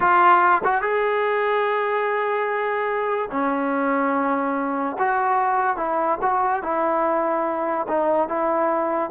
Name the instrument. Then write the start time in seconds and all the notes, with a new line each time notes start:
trombone
0.00 F4
0.64 F#4
0.81 G#4
3.31 C#4
4.99 F#4
5.76 E4
6.21 F#4
6.62 E4
7.88 D#4
8.28 E4